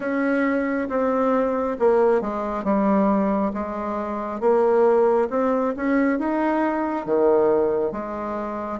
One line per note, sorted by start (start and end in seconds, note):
0.00 0.88 C#4
0.89 1.77 C4
1.79 2.21 A#3
2.21 2.64 G#3
2.64 3.52 G3
3.53 4.40 G#3
4.40 5.28 A#3
5.30 5.74 C4
5.76 6.18 C#4
6.18 7.05 D#4
7.05 7.92 D#3
7.92 8.80 G#3